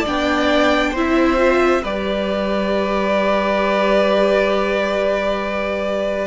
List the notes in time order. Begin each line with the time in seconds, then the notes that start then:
0.00 D4 D5 G5
0.08 B3
0.91 C4 E4 C5 E5
1.37 F4
1.82 G3 G4 B4 D5